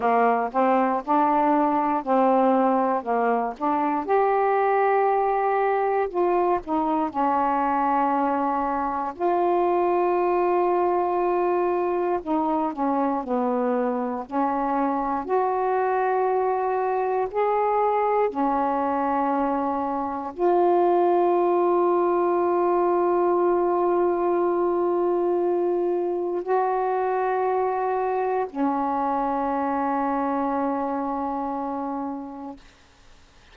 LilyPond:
\new Staff \with { instrumentName = "saxophone" } { \time 4/4 \tempo 4 = 59 ais8 c'8 d'4 c'4 ais8 d'8 | g'2 f'8 dis'8 cis'4~ | cis'4 f'2. | dis'8 cis'8 b4 cis'4 fis'4~ |
fis'4 gis'4 cis'2 | f'1~ | f'2 fis'2 | cis'1 | }